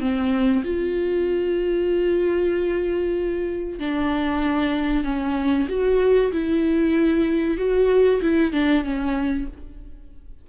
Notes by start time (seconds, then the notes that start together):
0.00 C4
0.64 F4
3.79 D4
5.04 C#4
5.68 F#4
6.32 E4
7.57 F#4
8.21 E4
8.52 D4
8.84 C#4